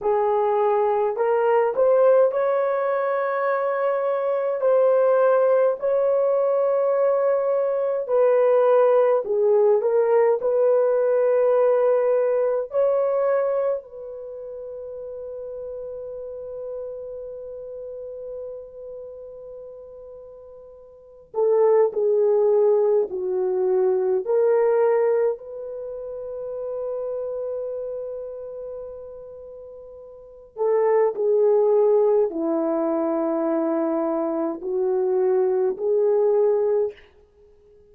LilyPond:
\new Staff \with { instrumentName = "horn" } { \time 4/4 \tempo 4 = 52 gis'4 ais'8 c''8 cis''2 | c''4 cis''2 b'4 | gis'8 ais'8 b'2 cis''4 | b'1~ |
b'2~ b'8 a'8 gis'4 | fis'4 ais'4 b'2~ | b'2~ b'8 a'8 gis'4 | e'2 fis'4 gis'4 | }